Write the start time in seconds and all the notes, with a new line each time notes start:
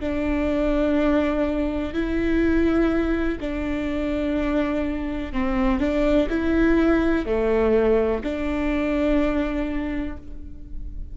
0.00 D4
1.94 E4
3.40 D4
5.32 C4
5.80 D4
6.29 E4
7.26 A3
8.23 D4